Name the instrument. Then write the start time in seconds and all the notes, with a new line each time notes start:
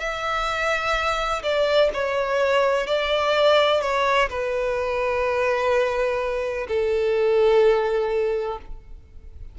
violin
0.00 E5
1.43 D5
1.94 C#5
2.87 D5
3.82 C#5
4.30 B4
6.68 A4